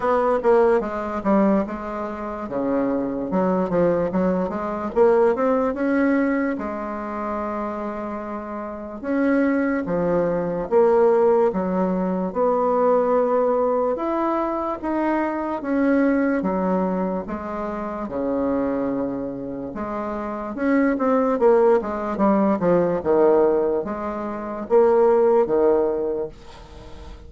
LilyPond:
\new Staff \with { instrumentName = "bassoon" } { \time 4/4 \tempo 4 = 73 b8 ais8 gis8 g8 gis4 cis4 | fis8 f8 fis8 gis8 ais8 c'8 cis'4 | gis2. cis'4 | f4 ais4 fis4 b4~ |
b4 e'4 dis'4 cis'4 | fis4 gis4 cis2 | gis4 cis'8 c'8 ais8 gis8 g8 f8 | dis4 gis4 ais4 dis4 | }